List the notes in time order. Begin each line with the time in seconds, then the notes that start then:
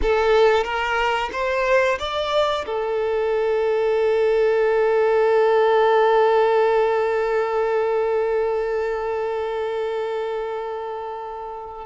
0.01 A4
0.64 A#4
1.32 C5
1.99 D5
2.66 A4